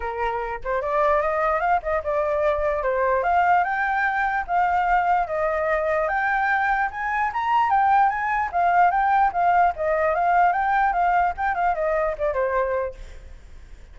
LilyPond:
\new Staff \with { instrumentName = "flute" } { \time 4/4 \tempo 4 = 148 ais'4. c''8 d''4 dis''4 | f''8 dis''8 d''2 c''4 | f''4 g''2 f''4~ | f''4 dis''2 g''4~ |
g''4 gis''4 ais''4 g''4 | gis''4 f''4 g''4 f''4 | dis''4 f''4 g''4 f''4 | g''8 f''8 dis''4 d''8 c''4. | }